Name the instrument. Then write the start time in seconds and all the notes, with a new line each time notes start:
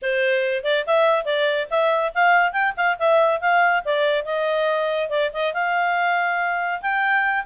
clarinet
0.02 C5
0.64 D5
0.86 E5
1.25 D5
1.70 E5
2.14 F5
2.52 G5
2.76 F5
2.99 E5
3.40 F5
3.85 D5
4.24 D#5
5.09 D5
5.33 D#5
5.53 F5
6.81 G5